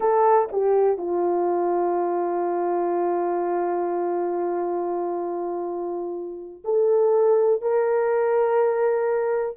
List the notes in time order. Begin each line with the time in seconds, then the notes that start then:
0.00 A4
0.52 G4
0.97 F4
6.64 A4
7.61 A#4